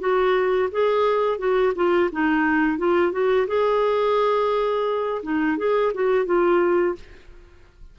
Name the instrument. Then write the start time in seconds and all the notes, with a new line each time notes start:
clarinet
0.00 F#4
0.72 G#4
1.39 F#4
1.76 F4
2.12 D#4
2.78 F4
3.12 F#4
3.48 G#4
5.23 D#4
5.58 G#4
5.94 F#4
6.26 F4